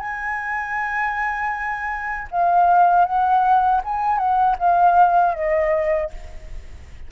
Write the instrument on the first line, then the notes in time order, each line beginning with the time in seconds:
flute
0.00 G#5
2.31 F5
3.05 F#5
3.84 G#5
4.18 F#5
4.58 F5
5.34 D#5